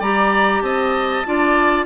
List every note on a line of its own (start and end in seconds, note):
0.00 0.62 G3
0.00 1.26 G4
0.00 0.62 D5
0.00 0.62 A#5
0.62 1.24 C4
0.62 1.27 D#5
0.62 1.86 A5
1.26 1.86 D4
1.26 1.86 F4
1.26 1.86 D5